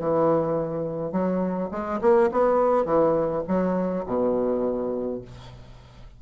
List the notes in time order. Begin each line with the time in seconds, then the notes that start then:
0.00 E3
1.12 F#3
1.72 G#3
2.02 A#3
2.32 B3
2.86 E3
3.48 F#3
4.06 B2